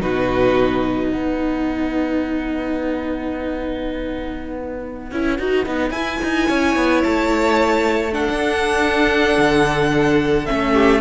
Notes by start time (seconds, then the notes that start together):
0.00 B2 D#4 F#4 B4
1.11 B3 B4 F#5
5.12 C#4 E4
5.39 D#4 F#4
5.66 B3 D#4
5.91 E4 G#5
6.23 D#4
6.47 C#4 C#5
6.76 B3
7.04 A3 A5
8.12 D4 A4 F#5
8.30 D4
9.38 D3
10.46 A3 C#4 E5
10.73 G4